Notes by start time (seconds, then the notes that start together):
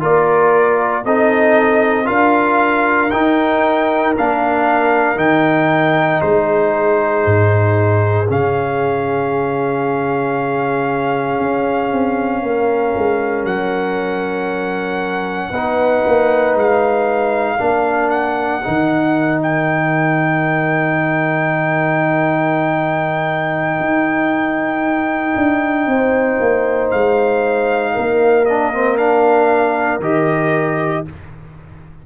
0.00 A#3 F4 A#4 D5
1.05 C4 D#4 A4 D#5
2.05 D4 F4 A#4 F5
3.11 D#4 G5
4.17 A#3 D4 F5
5.16 D#3 D#4 G5
6.21 G#3 G#4 C5
7.26 G#2
8.29 C#3 C#4 F5
11.40 C#4
11.92 C4
12.42 A#3 A#4
12.97 G#3
13.44 F#3 F#5
15.50 B3 D#4 B4
16.07 A#3
16.55 G#3 F5
17.56 A#3 D4 A#4
18.10 F#5
18.63 D#3 D#4
19.42 G5
23.80 D#4
25.36 D4
25.86 C4 C5
26.40 A#3
26.91 G#3 F5
27.94 A#3 A#4
28.45 D4 D#5
28.73 C4
28.97 D4 F5
30.00 D#3 G4 D#5